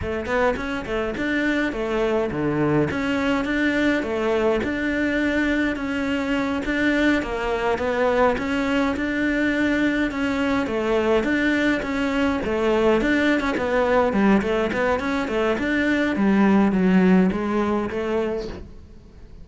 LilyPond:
\new Staff \with { instrumentName = "cello" } { \time 4/4 \tempo 4 = 104 a8 b8 cis'8 a8 d'4 a4 | d4 cis'4 d'4 a4 | d'2 cis'4. d'8~ | d'8 ais4 b4 cis'4 d'8~ |
d'4. cis'4 a4 d'8~ | d'8 cis'4 a4 d'8. cis'16 b8~ | b8 g8 a8 b8 cis'8 a8 d'4 | g4 fis4 gis4 a4 | }